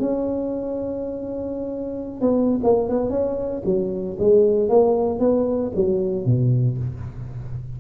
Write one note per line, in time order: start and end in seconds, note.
0.00 2.22 C#4
2.22 2.61 B3
2.64 2.90 A#3
2.90 3.10 B3
3.10 3.63 C#4
3.65 4.18 F#3
4.20 4.70 G#3
4.70 5.20 A#3
5.20 5.72 B3
5.76 6.26 F#3
6.26 6.78 B2